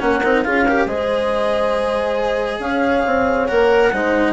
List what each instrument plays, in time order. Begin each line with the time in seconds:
0.00 bassoon A#3, cello C#4, horn A#4, clarinet F#5
0.23 bassoon C4, cello D#4
0.43 bassoon C#4, cello F4, horn G#4, clarinet F5
0.67 cello G4, horn A#4
0.86 bassoon G#3, cello G#4, horn C5, clarinet D#5
2.59 bassoon C#4, horn C#5, clarinet F5
3.06 bassoon C4
3.47 bassoon A#3, cello A#4, clarinet F#5
3.91 bassoon G#3, cello D#4, horn C5